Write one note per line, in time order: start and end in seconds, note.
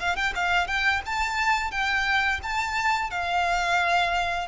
0.00 0.16 F5
0.16 0.34 G5
0.35 0.67 F5
0.67 1.02 G5
1.06 1.71 A5
1.71 2.40 G5
2.43 3.11 A5
3.11 4.48 F5